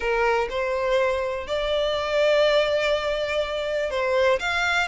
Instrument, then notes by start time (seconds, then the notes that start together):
violin
0.00 A#4
0.49 C5
1.47 D5
3.90 C5
4.39 F5